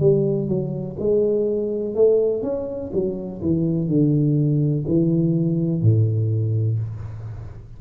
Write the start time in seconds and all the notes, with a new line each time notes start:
0.00 G3
0.48 F#3
0.99 G#3
1.95 A3
2.42 C#4
2.93 F#3
3.42 E3
3.88 D3
4.88 E3
5.82 A2